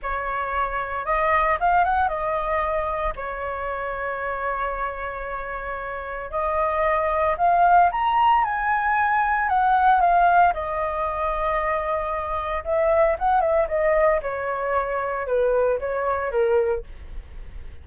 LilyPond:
\new Staff \with { instrumentName = "flute" } { \time 4/4 \tempo 4 = 114 cis''2 dis''4 f''8 fis''8 | dis''2 cis''2~ | cis''1 | dis''2 f''4 ais''4 |
gis''2 fis''4 f''4 | dis''1 | e''4 fis''8 e''8 dis''4 cis''4~ | cis''4 b'4 cis''4 ais'4 | }